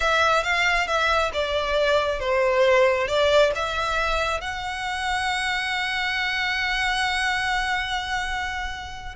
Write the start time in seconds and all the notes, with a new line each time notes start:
0.00 E5
0.43 F5
0.87 E5
1.33 D5
2.19 C5
3.07 D5
3.55 E5
4.40 F#5